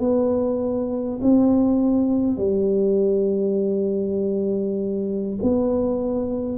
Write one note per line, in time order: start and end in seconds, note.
0.00 1.20 B3
1.22 2.37 C4
2.37 5.37 G3
5.43 6.58 B3